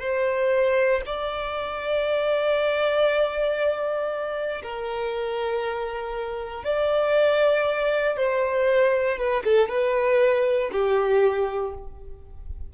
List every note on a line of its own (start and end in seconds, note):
0.00 1.02 C5
1.06 4.62 D5
4.63 6.64 A#4
6.64 8.17 D5
8.17 9.18 C5
9.18 9.43 B4
9.44 9.69 A4
9.69 10.71 B4
10.72 11.74 G4